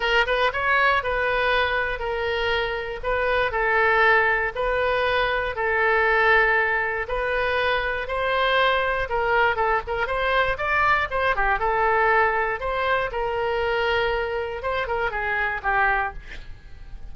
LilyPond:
\new Staff \with { instrumentName = "oboe" } { \time 4/4 \tempo 4 = 119 ais'8 b'8 cis''4 b'2 | ais'2 b'4 a'4~ | a'4 b'2 a'4~ | a'2 b'2 |
c''2 ais'4 a'8 ais'8 | c''4 d''4 c''8 g'8 a'4~ | a'4 c''4 ais'2~ | ais'4 c''8 ais'8 gis'4 g'4 | }